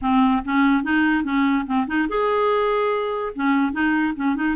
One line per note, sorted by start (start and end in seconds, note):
0.01 0.43 C4
0.45 0.83 C#4
0.83 1.24 D#4
1.24 1.65 C#4
1.66 1.87 C4
1.87 2.08 D#4
2.09 3.33 G#4
3.35 3.72 C#4
3.72 4.13 D#4
4.15 4.35 C#4
4.35 4.55 D#4